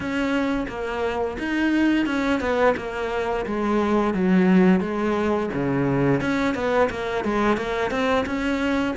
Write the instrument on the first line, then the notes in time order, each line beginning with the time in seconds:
cello
0.00 C#4
0.68 A#3
1.39 D#4
2.06 C#4
2.40 B3
2.76 A#3
3.46 G#3
4.14 F#3
4.80 G#3
5.53 C#3
6.20 C#4
6.54 B3
6.90 A#3
7.24 G#3
7.57 A#3
7.90 C4
8.25 C#4